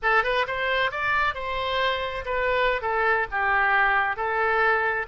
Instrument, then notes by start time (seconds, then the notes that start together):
oboe
0.02 A4
0.23 B4
0.47 C5
0.91 D5
1.34 C5
2.25 B4
2.81 A4
3.31 G4
4.16 A4